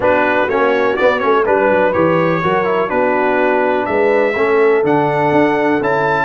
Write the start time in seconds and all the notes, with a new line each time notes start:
0.00 B3 D4 F#4 B4
0.48 A#3 C#4 C#5
0.96 B3 D5
1.19 A3 C#4 C#5
1.45 G3 D4 B4
1.70 F#3
1.92 E3 G4 C#5
2.42 F#3 F#4 A#4
2.64 E4
2.88 B3 D4 F#4 B4
3.85 G#3 B4 E5
4.35 A3 C#4 A4
4.83 D3 D4 F#5
5.31 D4
5.81 C#4 E4 A5